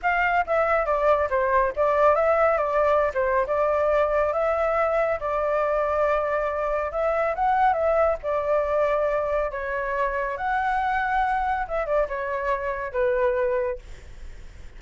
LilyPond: \new Staff \with { instrumentName = "flute" } { \time 4/4 \tempo 4 = 139 f''4 e''4 d''4 c''4 | d''4 e''4 d''4~ d''16 c''8. | d''2 e''2 | d''1 |
e''4 fis''4 e''4 d''4~ | d''2 cis''2 | fis''2. e''8 d''8 | cis''2 b'2 | }